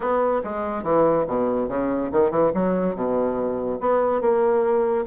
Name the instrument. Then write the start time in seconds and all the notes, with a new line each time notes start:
bassoon
0.00 B3
0.44 G#3
0.83 E3
1.27 B2
1.68 C#3
2.12 D#3
2.30 E3
2.54 F#3
2.95 B2
3.80 B3
4.21 A#3